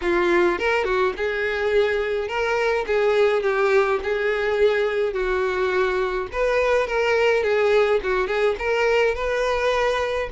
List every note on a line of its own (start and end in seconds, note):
0.01 0.58 F4
0.58 0.84 A#4
0.84 1.13 F#4
1.16 2.28 G#4
2.28 2.85 A#4
2.86 3.43 G#4
3.43 4.00 G4
4.03 5.13 G#4
5.13 6.27 F#4
6.32 6.87 B4
6.87 7.43 A#4
7.43 8.00 G#4
8.03 8.27 F#4
8.27 8.55 G#4
8.58 9.15 A#4
9.15 10.29 B4